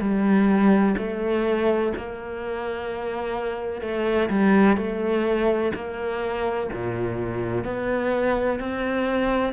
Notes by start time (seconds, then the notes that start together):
0.00 G3
0.97 A3
1.97 A#3
3.81 A3
4.30 G3
4.77 A3
5.75 A#3
6.72 A#2
7.65 B3
8.60 C4